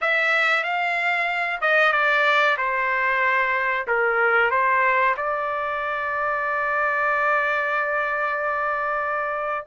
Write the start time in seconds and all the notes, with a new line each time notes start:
0.01 E5
0.63 F5
1.61 D#5
1.92 D5
2.57 C5
3.87 A#4
4.50 C5
5.16 D5